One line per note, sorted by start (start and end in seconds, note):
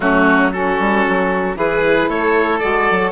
0.00 0.78 F#3
0.00 0.52 A3
0.00 0.54 C#4
0.00 0.52 F#4
0.52 1.55 C#4
0.52 1.57 F#4
0.52 1.56 A4
0.79 1.05 G3
1.08 1.56 F#3
1.55 2.08 E3
1.55 2.59 E4
1.55 2.08 G#4
1.55 2.09 B4
2.08 2.61 A3
2.08 3.11 A4
2.08 2.59 C#5
2.59 2.90 G#3
2.59 3.11 F#4
2.59 3.11 D5
2.90 3.11 F#3